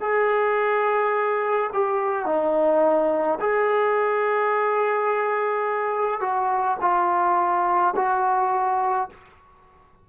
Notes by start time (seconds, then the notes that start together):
0.00 G#4
1.73 G4
2.25 D#4
3.40 G#4
6.20 F#4
6.81 F4
7.96 F#4